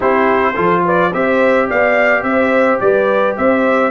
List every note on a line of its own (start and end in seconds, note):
0.00 0.57 C4
0.00 0.54 E4
0.00 0.54 G4
0.00 0.85 C5
0.55 1.13 F3
0.55 1.11 F4
0.55 0.83 A4
0.85 1.12 B4
0.85 1.13 D5
1.12 1.69 C4
1.12 3.91 G4
1.12 1.68 C5
1.12 1.69 E5
1.68 2.22 B3
1.68 2.24 D5
1.68 2.23 F5
2.22 2.79 C4
2.22 2.82 C5
2.22 2.79 E5
2.80 3.37 G3
2.80 3.36 B4
2.80 3.36 D5
3.36 3.91 C4
3.36 3.91 C5
3.36 3.91 E5